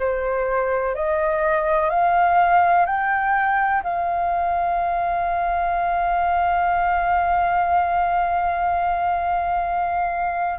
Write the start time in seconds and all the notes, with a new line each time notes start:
0.00 C5
0.95 D#5
1.90 F5
2.86 G5
3.84 F5